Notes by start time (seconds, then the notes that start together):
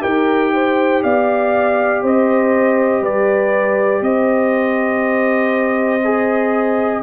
0.00 D#4 G4 A#4 G5
0.53 C5
1.03 B3 D5 F5
2.03 C4 C5 D#5
3.01 G3 B4 D5
4.01 C4 C5 D#5
6.04 G#4